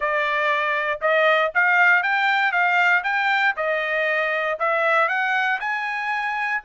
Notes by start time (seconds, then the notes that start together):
0.00 D5
1.01 D#5
1.54 F5
2.02 G5
2.52 F5
3.03 G5
3.56 D#5
4.59 E5
5.08 F#5
5.60 G#5